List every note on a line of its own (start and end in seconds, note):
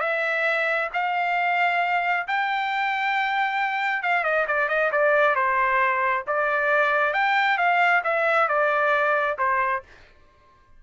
0.00 0.89 E5
0.93 2.26 F5
2.27 4.02 G5
4.02 4.23 F5
4.23 4.45 D#5
4.47 4.68 D5
4.68 4.91 D#5
4.92 5.35 D5
5.35 6.24 C5
6.26 7.13 D5
7.13 7.57 G5
7.57 8.02 F5
8.03 8.48 E5
8.48 9.37 D5
9.38 9.82 C5